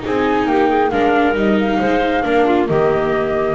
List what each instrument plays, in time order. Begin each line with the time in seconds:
0.00 viola D#4, clarinet G#4
0.06 double bass C4, flute G#5
0.46 double bass A#3, clarinet G4, flute G5
0.69 clarinet G#4
0.91 double bass G#3, viola D4, clarinet A#4, flute F5
1.34 double bass G3, viola D#4, flute D#5
1.60 flute F5
1.79 double bass G#3, clarinet C5
2.23 double bass A#3, viola D4, clarinet A#4
2.46 clarinet F4
2.68 double bass D#3, viola A#3, clarinet G4, flute D#5